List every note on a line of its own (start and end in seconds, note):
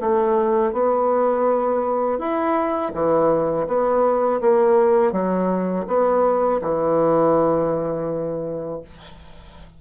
0.00 0.73 A3
0.73 2.19 B3
2.19 2.92 E4
2.94 3.67 E3
3.67 4.40 B3
4.41 5.12 A#3
5.12 5.85 F#3
5.87 6.61 B3
6.62 8.81 E3